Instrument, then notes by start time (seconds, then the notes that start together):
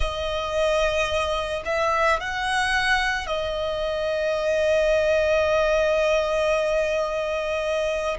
violin
0.00 D#5
1.65 E5
2.20 F#5
3.26 D#5